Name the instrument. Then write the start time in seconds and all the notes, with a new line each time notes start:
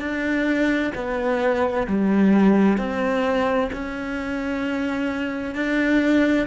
cello
0.00 D4
0.95 B3
1.87 G3
2.78 C4
3.73 C#4
5.55 D4